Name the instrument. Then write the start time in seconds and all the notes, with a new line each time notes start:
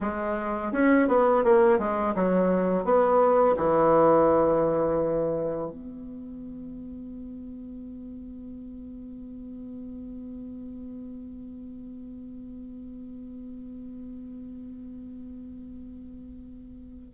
bassoon
0.00 G#3
0.72 C#4
1.08 B3
1.44 A#3
1.79 G#3
2.15 F#3
2.84 B3
3.57 E3
5.70 B3